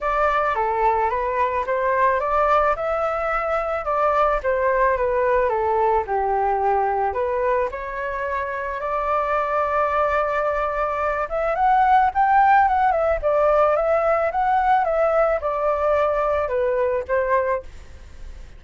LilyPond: \new Staff \with { instrumentName = "flute" } { \time 4/4 \tempo 4 = 109 d''4 a'4 b'4 c''4 | d''4 e''2 d''4 | c''4 b'4 a'4 g'4~ | g'4 b'4 cis''2 |
d''1~ | d''8 e''8 fis''4 g''4 fis''8 e''8 | d''4 e''4 fis''4 e''4 | d''2 b'4 c''4 | }